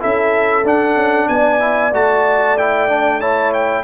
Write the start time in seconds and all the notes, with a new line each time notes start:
0.00 C#4 E4 A4 E5
0.64 D4 F#5
0.95 C#4
1.28 B3 D5 G#5
1.60 E4
1.93 A3 F#4 A5
2.58 E4 G5
2.89 D4
3.20 E4 C#5 A5
3.53 G5